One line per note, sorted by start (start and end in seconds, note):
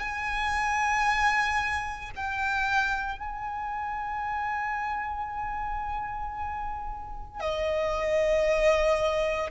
0.00 2.11 G#5
2.15 3.19 G5
3.19 7.40 G#5
7.40 9.50 D#5